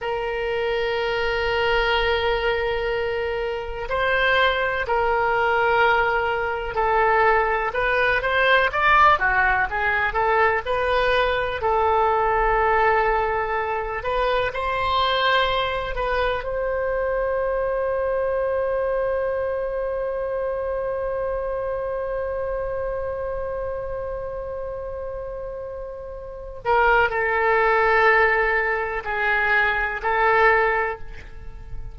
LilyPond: \new Staff \with { instrumentName = "oboe" } { \time 4/4 \tempo 4 = 62 ais'1 | c''4 ais'2 a'4 | b'8 c''8 d''8 fis'8 gis'8 a'8 b'4 | a'2~ a'8 b'8 c''4~ |
c''8 b'8 c''2.~ | c''1~ | c''2.~ c''8 ais'8 | a'2 gis'4 a'4 | }